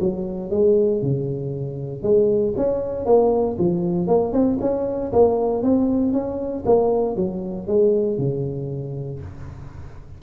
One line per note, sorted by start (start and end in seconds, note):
0.00 0.51 F#3
0.51 1.02 G#3
1.02 2.03 C#3
2.03 2.54 G#3
2.57 3.06 C#4
3.06 3.57 A#3
3.59 4.07 F3
4.07 4.33 A#3
4.33 4.58 C4
4.61 5.12 C#4
5.12 5.63 A#3
5.63 6.13 C4
6.13 6.64 C#4
6.66 7.16 A#3
7.16 7.67 F#3
7.67 8.18 G#3
8.18 9.21 C#3